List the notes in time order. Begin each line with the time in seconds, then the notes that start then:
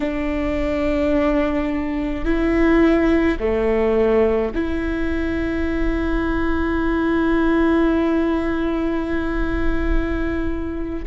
0.00 D4
2.24 E4
3.39 A3
4.54 E4